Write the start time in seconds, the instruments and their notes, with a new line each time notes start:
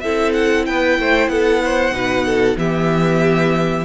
0.00 cello C4, viola E4, violin A4 E5
0.33 violin F#5
0.66 cello B3, violin B4 G5
0.99 cello A3, violin C5
1.28 cello B3, violin A4 F#5
1.64 violin C5
1.91 cello B2, viola D#4, violin B4
2.26 violin A4
2.56 cello E3, viola B3, violin G4 E5